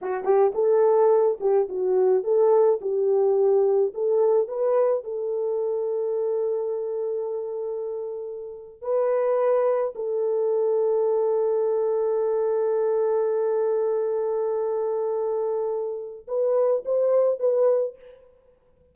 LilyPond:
\new Staff \with { instrumentName = "horn" } { \time 4/4 \tempo 4 = 107 fis'8 g'8 a'4. g'8 fis'4 | a'4 g'2 a'4 | b'4 a'2.~ | a'2.~ a'8. b'16~ |
b'4.~ b'16 a'2~ a'16~ | a'1~ | a'1~ | a'4 b'4 c''4 b'4 | }